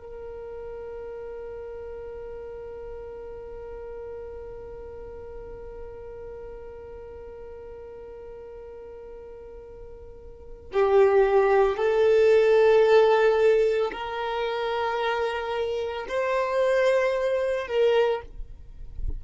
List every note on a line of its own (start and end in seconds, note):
0.00 10.71 A#4
10.73 11.77 G4
11.77 13.91 A4
13.92 16.06 A#4
16.09 17.67 C5
17.67 18.21 A#4